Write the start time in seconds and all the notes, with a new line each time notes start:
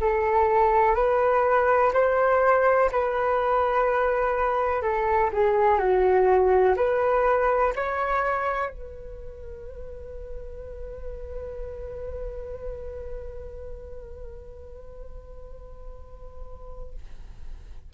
0.00 A4
0.95 B4
1.93 C5
2.92 B4
4.82 A4
5.33 G#4
5.78 F#4
6.77 B4
7.76 C#5
8.70 B4